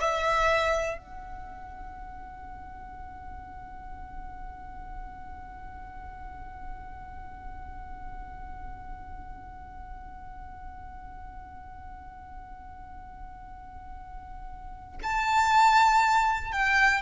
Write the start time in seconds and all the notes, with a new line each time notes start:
0.00 E5
0.97 F#5
15.02 A5
16.52 G5